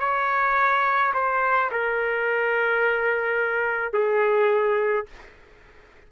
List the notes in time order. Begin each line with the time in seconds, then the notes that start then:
0.00 C#5
1.14 C5
1.72 A#4
3.94 G#4